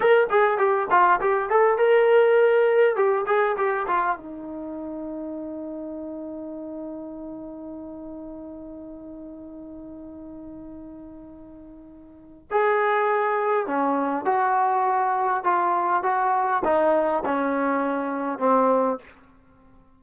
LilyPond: \new Staff \with { instrumentName = "trombone" } { \time 4/4 \tempo 4 = 101 ais'8 gis'8 g'8 f'8 g'8 a'8 ais'4~ | ais'4 g'8 gis'8 g'8 f'8 dis'4~ | dis'1~ | dis'1~ |
dis'1~ | dis'4 gis'2 cis'4 | fis'2 f'4 fis'4 | dis'4 cis'2 c'4 | }